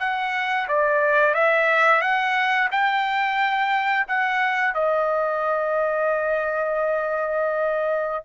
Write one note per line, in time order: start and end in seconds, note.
0.00 0.67 F#5
0.68 1.34 D5
1.34 2.01 E5
2.01 2.69 F#5
2.71 4.06 G5
4.08 4.74 F#5
4.74 8.25 D#5